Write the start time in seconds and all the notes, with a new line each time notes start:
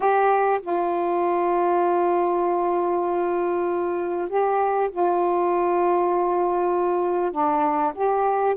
0.00 G4
0.61 F4
4.29 G4
4.91 F4
7.31 D4
7.95 G4